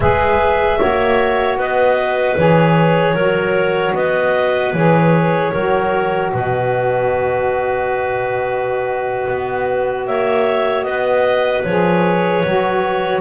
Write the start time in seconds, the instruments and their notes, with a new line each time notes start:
0.00 double bass G#3, saxophone G#4, clarinet B4 E5
0.78 double bass A#3, saxophone F#4, clarinet C#5
1.56 double bass B3, clarinet B4 D#5
2.37 double bass E3, saxophone G#4, clarinet C#5
3.14 double bass F#3, saxophone F#4, clarinet A#4
3.94 double bass B3, clarinet B4 D#5
4.73 double bass E3, saxophone G#4, clarinet C#5
5.51 double bass F#3, saxophone F#4, clarinet A#4
6.31 double bass B2, clarinet B4 D#5
9.27 double bass B3
10.06 double bass A#3, clarinet C#5 E5
10.83 double bass B3, clarinet B4 D#5
11.63 double bass F3, saxophone G#4, clarinet C#5
12.44 double bass F#3, saxophone F#4